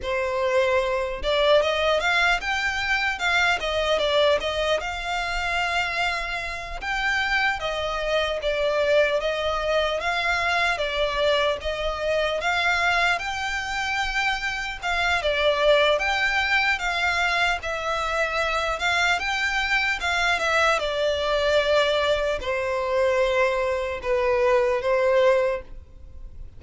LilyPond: \new Staff \with { instrumentName = "violin" } { \time 4/4 \tempo 4 = 75 c''4. d''8 dis''8 f''8 g''4 | f''8 dis''8 d''8 dis''8 f''2~ | f''8 g''4 dis''4 d''4 dis''8~ | dis''8 f''4 d''4 dis''4 f''8~ |
f''8 g''2 f''8 d''4 | g''4 f''4 e''4. f''8 | g''4 f''8 e''8 d''2 | c''2 b'4 c''4 | }